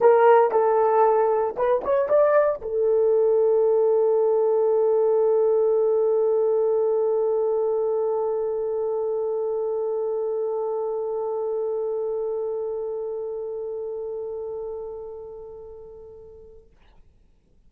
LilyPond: \new Staff \with { instrumentName = "horn" } { \time 4/4 \tempo 4 = 115 ais'4 a'2 b'8 cis''8 | d''4 a'2.~ | a'1~ | a'1~ |
a'1~ | a'1~ | a'1~ | a'1 | }